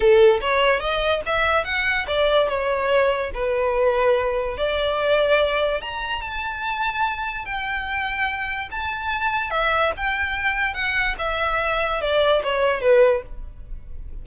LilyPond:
\new Staff \with { instrumentName = "violin" } { \time 4/4 \tempo 4 = 145 a'4 cis''4 dis''4 e''4 | fis''4 d''4 cis''2 | b'2. d''4~ | d''2 ais''4 a''4~ |
a''2 g''2~ | g''4 a''2 e''4 | g''2 fis''4 e''4~ | e''4 d''4 cis''4 b'4 | }